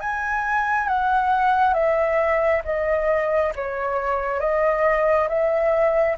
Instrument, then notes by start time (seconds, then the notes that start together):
flute
0.00 G#5
0.88 F#5
1.74 E5
2.65 D#5
3.55 C#5
4.40 D#5
5.29 E5